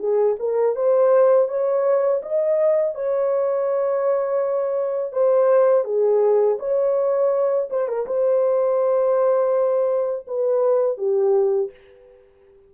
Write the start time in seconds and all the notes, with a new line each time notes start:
0.00 G#4
0.40 A#4
0.76 C5
1.49 C#5
2.23 D#5
2.95 C#5
5.13 C5
5.85 G#4
6.60 C#5
7.71 C5
7.88 A#4
8.07 C5
10.28 B4
10.98 G4